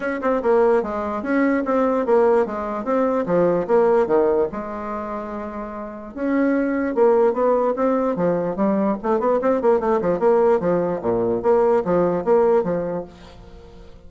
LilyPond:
\new Staff \with { instrumentName = "bassoon" } { \time 4/4 \tempo 4 = 147 cis'8 c'8 ais4 gis4 cis'4 | c'4 ais4 gis4 c'4 | f4 ais4 dis4 gis4~ | gis2. cis'4~ |
cis'4 ais4 b4 c'4 | f4 g4 a8 b8 c'8 ais8 | a8 f8 ais4 f4 ais,4 | ais4 f4 ais4 f4 | }